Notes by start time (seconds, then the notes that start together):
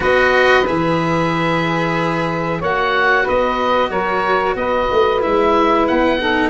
0.00 B3 F#4 B4 D#5
0.66 E3 G#4 E5
2.59 A#3 F#4 C#5 F#5
3.23 B3 B4 D#5
3.90 F#3 A#4 C#5
4.55 B3 B4 D#5
4.91 A3
5.20 G#3 E4 E5
5.87 B3 F#5
6.19 D#4 A4